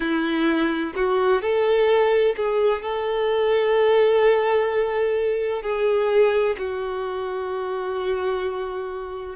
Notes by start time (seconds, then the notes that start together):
0.00 E4
0.95 F#4
1.41 A4
2.36 G#4
2.81 A4
5.62 G#4
6.58 F#4